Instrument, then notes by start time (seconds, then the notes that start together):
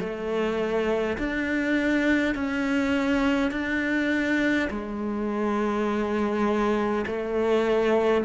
cello
0.00 A3
1.18 D4
2.35 C#4
3.52 D4
4.71 G#3
7.07 A3